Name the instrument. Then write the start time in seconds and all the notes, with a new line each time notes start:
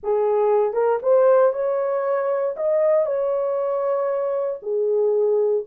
horn
0.03 G#4
0.73 A#4
1.02 C5
1.52 C#5
2.56 D#5
3.06 C#5
4.62 G#4